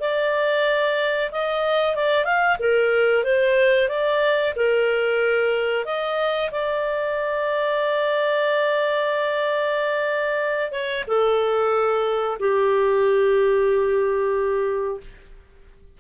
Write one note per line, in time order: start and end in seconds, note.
0.00 1.30 D5
1.31 1.95 D#5
1.95 2.24 D5
2.24 2.57 F5
2.59 3.24 A#4
3.24 3.88 C5
3.88 4.54 D5
4.56 5.85 A#4
5.85 6.50 D#5
6.51 10.71 D5
10.71 11.04 C#5
11.07 12.38 A4
12.39 15.00 G4